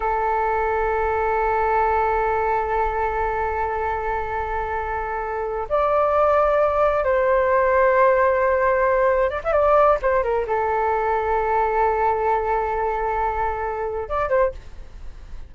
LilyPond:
\new Staff \with { instrumentName = "flute" } { \time 4/4 \tempo 4 = 132 a'1~ | a'1~ | a'1~ | a'8 d''2. c''8~ |
c''1~ | c''8 d''16 e''16 d''4 c''8 ais'8 a'4~ | a'1~ | a'2. d''8 c''8 | }